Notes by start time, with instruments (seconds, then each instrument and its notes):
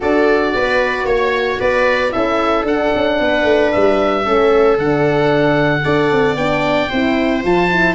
0.00 tuba D4, horn F#4, viola A4, oboe D5
0.54 tuba B3, viola B4
1.04 tuba A#3, viola C#5, oboe C#5
1.59 tuba B3, viola B4, oboe D5
2.11 tuba C#4, horn E4, viola A4, oboe E5
2.63 tuba D4, horn D4, oboe F#5
2.95 tuba C#4
3.19 tuba B3, viola B4
3.43 tuba A3
3.71 tuba G3, oboe E5
4.24 tuba A3, horn C#4, viola A4
4.77 tuba D3, horn D4, oboe F#5
5.82 tuba D4, horn A4, viola D5
6.11 tuba C4
6.35 tuba B3, horn D4, oboe G5
6.89 tuba C4, horn E4, viola C5
7.42 tuba F3, horn F4, oboe A5
7.70 horn E4